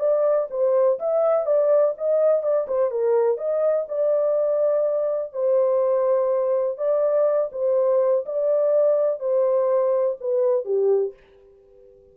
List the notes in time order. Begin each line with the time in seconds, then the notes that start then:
0.00 D5
0.51 C5
1.00 E5
1.46 D5
1.98 D#5
2.43 D5
2.68 C5
2.91 A#4
3.38 D#5
3.89 D5
5.34 C5
6.78 D5
7.53 C5
8.26 D5
9.20 C5
10.21 B4
10.65 G4